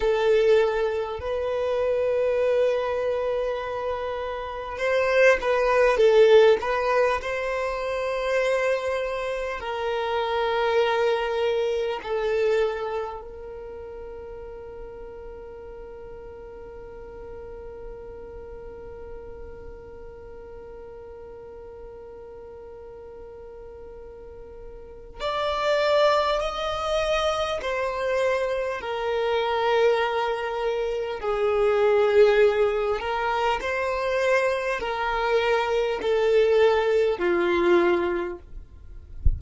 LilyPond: \new Staff \with { instrumentName = "violin" } { \time 4/4 \tempo 4 = 50 a'4 b'2. | c''8 b'8 a'8 b'8 c''2 | ais'2 a'4 ais'4~ | ais'1~ |
ais'1~ | ais'4 d''4 dis''4 c''4 | ais'2 gis'4. ais'8 | c''4 ais'4 a'4 f'4 | }